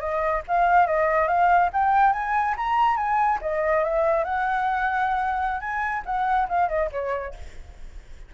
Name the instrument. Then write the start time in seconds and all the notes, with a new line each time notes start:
flute
0.00 D#5
0.48 F5
0.87 D#5
1.28 F5
1.73 G5
2.13 G#5
2.57 A#5
2.97 G#5
3.42 D#5
3.84 E5
4.25 F#5
5.61 G#5
6.06 F#5
6.49 F5
6.69 D#5
6.92 C#5